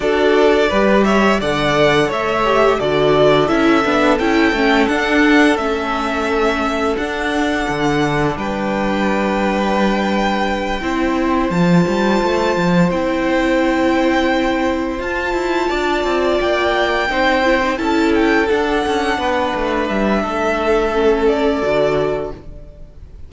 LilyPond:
<<
  \new Staff \with { instrumentName = "violin" } { \time 4/4 \tempo 4 = 86 d''4. e''8 fis''4 e''4 | d''4 e''4 g''4 fis''4 | e''2 fis''2 | g''1~ |
g''8 a''2 g''4.~ | g''4. a''2 g''8~ | g''4. a''8 g''8 fis''4.~ | fis''8 e''2 d''4. | }
  \new Staff \with { instrumentName = "violin" } { \time 4/4 a'4 b'8 cis''8 d''4 cis''4 | a'1~ | a'1 | b'2.~ b'8 c''8~ |
c''1~ | c''2~ c''8 d''4.~ | d''8 c''4 a'2 b'8~ | b'4 a'2. | }
  \new Staff \with { instrumentName = "viola" } { \time 4/4 fis'4 g'4 a'4. g'8 | fis'4 e'8 d'8 e'8 cis'8 d'4 | cis'2 d'2~ | d'2.~ d'8 e'8~ |
e'8 f'2 e'4.~ | e'4. f'2~ f'8~ | f'8 dis'8 e'16 dis'16 e'4 d'4.~ | d'2 cis'4 fis'4 | }
  \new Staff \with { instrumentName = "cello" } { \time 4/4 d'4 g4 d4 a4 | d4 cis'8 b8 cis'8 a8 d'4 | a2 d'4 d4 | g2.~ g8 c'8~ |
c'8 f8 g8 a8 f8 c'4.~ | c'4. f'8 e'8 d'8 c'8 ais8~ | ais8 c'4 cis'4 d'8 cis'8 b8 | a8 g8 a2 d4 | }
>>